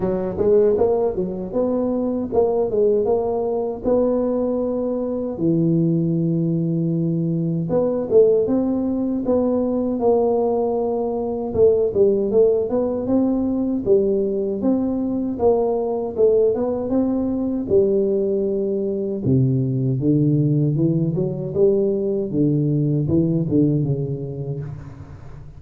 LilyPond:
\new Staff \with { instrumentName = "tuba" } { \time 4/4 \tempo 4 = 78 fis8 gis8 ais8 fis8 b4 ais8 gis8 | ais4 b2 e4~ | e2 b8 a8 c'4 | b4 ais2 a8 g8 |
a8 b8 c'4 g4 c'4 | ais4 a8 b8 c'4 g4~ | g4 c4 d4 e8 fis8 | g4 d4 e8 d8 cis4 | }